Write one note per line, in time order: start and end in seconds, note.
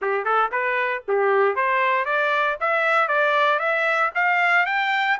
0.01 0.24 G4
0.24 0.50 A4
0.51 1.03 B4
1.07 1.55 G4
1.55 2.05 C5
2.05 2.57 D5
2.60 3.08 E5
3.08 3.59 D5
3.59 4.11 E5
4.14 4.66 F5
4.66 5.17 G5